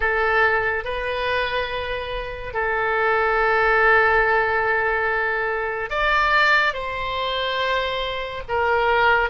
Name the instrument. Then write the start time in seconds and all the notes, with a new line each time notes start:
oboe
0.00 A4
0.84 B4
2.54 A4
5.90 D5
6.73 C5
8.48 A#4